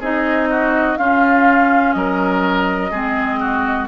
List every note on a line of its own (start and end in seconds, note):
0.00 0.97 C4
0.00 0.98 D#4
0.00 0.48 G#4
0.00 0.97 D#5
0.50 0.99 F#4
0.97 2.92 C#4
0.97 1.95 C#4
0.97 1.95 F4
0.97 1.93 F5
1.93 2.91 F#3
1.93 2.91 A#4
1.93 3.86 D#5
2.91 3.88 G#3
2.91 3.88 C4
2.91 3.39 G#4
3.40 3.88 F#4